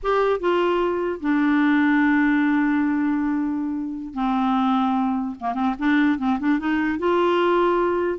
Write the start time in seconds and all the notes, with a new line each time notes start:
0.02 G4
0.39 F4
1.20 D4
4.14 C4
5.40 A#3
5.54 C4
5.79 D4
6.18 C4
6.39 D4
6.59 D#4
6.99 F4